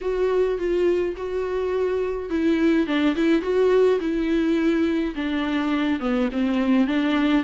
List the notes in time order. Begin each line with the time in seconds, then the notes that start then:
0.01 F#4
0.58 F4
1.17 F#4
2.30 E4
2.86 D4
3.15 E4
3.42 F#4
4.00 E4
5.15 D4
6.00 B3
6.31 C4
6.87 D4